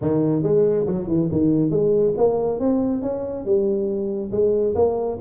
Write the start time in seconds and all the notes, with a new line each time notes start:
0.01 D#3
0.42 G#3
0.86 F#3
1.07 E3
1.31 D#3
1.70 G#3
2.17 A#3
2.59 C4
3.02 C#4
3.45 G3
4.31 G#3
4.75 A#3